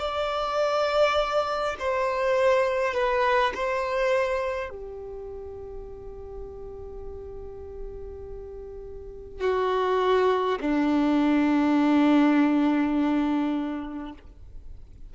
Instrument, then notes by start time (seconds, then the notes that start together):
violin
0.00 D5
1.79 C5
2.94 B4
3.55 C5
4.70 G4
9.41 F#4
10.60 D4